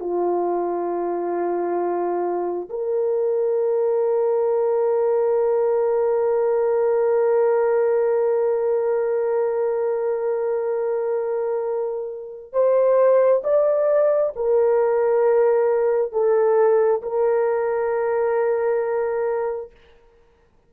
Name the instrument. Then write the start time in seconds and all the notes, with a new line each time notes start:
horn
0.00 F4
2.69 A#4
12.53 C5
13.44 D5
14.36 A#4
16.12 A4
17.02 A#4